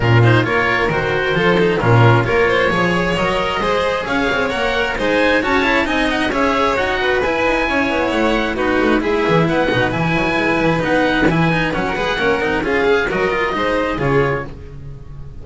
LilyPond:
<<
  \new Staff \with { instrumentName = "oboe" } { \time 4/4 \tempo 4 = 133 ais'8 c''8 cis''4 c''2 | ais'4 cis''2 dis''4~ | dis''4 f''4 fis''4 gis''4 | a''4 gis''8 fis''8 e''4 fis''4 |
gis''2 fis''4 b'4 | e''4 fis''4 gis''2 | fis''4 gis''4 fis''2 | f''4 dis''2 cis''4 | }
  \new Staff \with { instrumentName = "violin" } { \time 4/4 f'4 ais'2 a'4 | f'4 ais'8 c''8 cis''2 | c''4 cis''2 c''4 | cis''4 dis''4 cis''4. b'8~ |
b'4 cis''2 fis'4 | gis'4 b'2.~ | b'2~ b'16 ais'16 b'8 ais'4 | gis'4 ais'4 c''4 gis'4 | }
  \new Staff \with { instrumentName = "cello" } { \time 4/4 cis'8 dis'8 f'4 fis'4 f'8 dis'8 | cis'4 f'4 gis'4 ais'4 | gis'2 ais'4 dis'4 | fis'8 e'8 dis'4 gis'4 fis'4 |
e'2. dis'4 | e'4. dis'8 e'2 | dis'4 e'8 dis'8 cis'8 gis'8 cis'8 dis'8 | f'8 gis'8 fis'8 f'8 dis'4 f'4 | }
  \new Staff \with { instrumentName = "double bass" } { \time 4/4 ais,4 ais4 dis4 f4 | ais,4 ais4 f4 fis4 | gis4 cis'8 c'8 ais4 gis4 | cis'4 c'4 cis'4 dis'4 |
e'8 dis'8 cis'8 b8 a4 b8 a8 | gis8 e8 b8 b,8 e8 fis8 gis8 e8 | b4 e4 fis8 gis8 ais8 c'8 | cis'4 fis4 gis4 cis4 | }
>>